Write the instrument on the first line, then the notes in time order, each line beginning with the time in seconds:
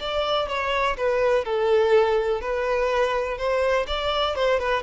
violin
0.00 D5
0.49 C#5
0.97 B4
1.45 A4
2.41 B4
3.38 C5
3.87 D5
4.36 C5
4.60 B4